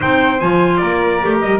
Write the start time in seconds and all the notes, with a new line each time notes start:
0.00 C4 D#4 C5 G5
0.40 F3 F4 G#5
0.77 A#3 A#4 D5
1.21 A3 G4
1.41 G3 D#5